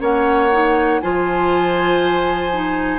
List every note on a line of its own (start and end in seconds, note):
0.00 1.01 A#3
0.00 0.50 C#4
0.00 1.01 C#5
0.00 1.01 F#5
0.52 1.02 D#4
1.01 2.99 F3
1.01 2.52 F4
1.01 2.99 C5
1.01 2.99 G#5
2.52 2.99 D#4